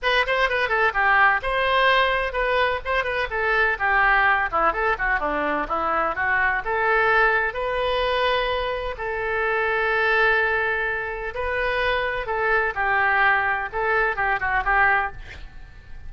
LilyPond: \new Staff \with { instrumentName = "oboe" } { \time 4/4 \tempo 4 = 127 b'8 c''8 b'8 a'8 g'4 c''4~ | c''4 b'4 c''8 b'8 a'4 | g'4. e'8 a'8 fis'8 d'4 | e'4 fis'4 a'2 |
b'2. a'4~ | a'1 | b'2 a'4 g'4~ | g'4 a'4 g'8 fis'8 g'4 | }